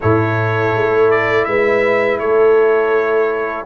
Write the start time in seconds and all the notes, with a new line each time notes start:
0.00 A2 E4 A4 C#5
0.75 A3
1.10 D5
1.44 G#3 B4 E5
2.18 A3 A4 C#5